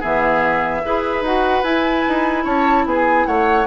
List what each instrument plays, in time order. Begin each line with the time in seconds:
0.00 bassoon E3, clarinet B3, oboe G#4, flute E5
0.84 bassoon E4, clarinet G#4, oboe B4
1.21 bassoon D#4, clarinet F#4, flute F#5
1.63 clarinet E4, bassoon E4, flute G#5
2.08 bassoon D#4
2.44 bassoon C#4, oboe C#5, flute A5
2.85 bassoon B3, oboe G#4, flute G#5
3.26 bassoon A3, oboe C#5, flute F#5